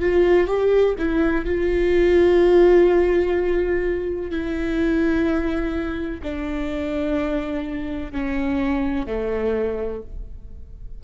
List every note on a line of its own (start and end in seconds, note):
0.00 0.47 F4
0.47 0.94 G4
0.98 1.45 E4
1.45 4.30 F4
4.30 6.21 E4
6.23 8.12 D4
8.12 9.06 C#4
9.06 10.02 A3